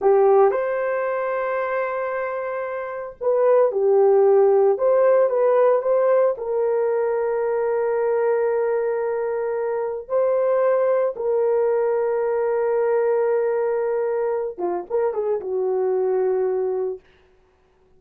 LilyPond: \new Staff \with { instrumentName = "horn" } { \time 4/4 \tempo 4 = 113 g'4 c''2.~ | c''2 b'4 g'4~ | g'4 c''4 b'4 c''4 | ais'1~ |
ais'2. c''4~ | c''4 ais'2.~ | ais'2.~ ais'8 f'8 | ais'8 gis'8 fis'2. | }